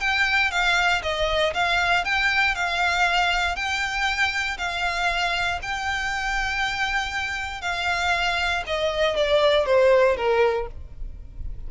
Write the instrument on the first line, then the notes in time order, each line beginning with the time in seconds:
violin
0.00 G5
0.51 F5
1.02 D#5
1.53 F5
2.04 G5
2.55 F5
3.55 G5
4.58 F5
5.62 G5
7.61 F5
8.66 D#5
9.16 D5
9.65 C5
10.16 A#4